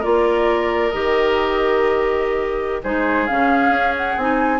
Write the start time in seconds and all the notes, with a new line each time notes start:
0.00 A#3 F4 A#4 D5
0.91 D#3 G4 D#5
2.83 G#3 D#4 G#4 C5
3.27 C#3 C#4 F5
3.70 C#4
3.97 F#5
4.17 C4 D#4 G#5